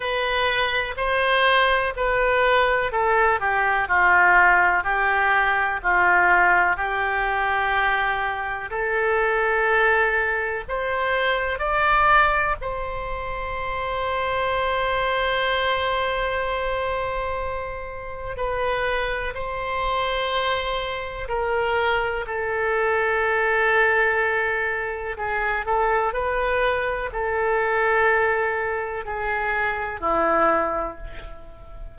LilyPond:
\new Staff \with { instrumentName = "oboe" } { \time 4/4 \tempo 4 = 62 b'4 c''4 b'4 a'8 g'8 | f'4 g'4 f'4 g'4~ | g'4 a'2 c''4 | d''4 c''2.~ |
c''2. b'4 | c''2 ais'4 a'4~ | a'2 gis'8 a'8 b'4 | a'2 gis'4 e'4 | }